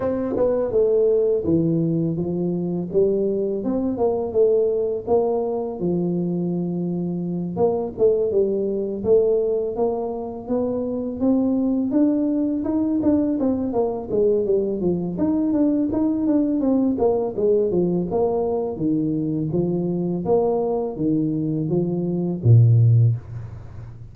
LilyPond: \new Staff \with { instrumentName = "tuba" } { \time 4/4 \tempo 4 = 83 c'8 b8 a4 e4 f4 | g4 c'8 ais8 a4 ais4 | f2~ f8 ais8 a8 g8~ | g8 a4 ais4 b4 c'8~ |
c'8 d'4 dis'8 d'8 c'8 ais8 gis8 | g8 f8 dis'8 d'8 dis'8 d'8 c'8 ais8 | gis8 f8 ais4 dis4 f4 | ais4 dis4 f4 ais,4 | }